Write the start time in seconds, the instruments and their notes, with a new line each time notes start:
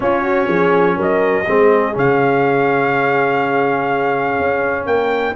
0.00 tuba C#4, trombone C#4, horn F4, trumpet C#5
0.22 horn F#4
0.47 tuba F3, horn G#4
0.96 tuba F#3, horn A#4, trumpet D#5
1.47 tuba G#3, trombone C4, horn G#4
1.93 tuba C#3, trombone C#4, trumpet F5
4.39 tuba C#4
4.86 tuba A#3, horn A#4, trumpet G5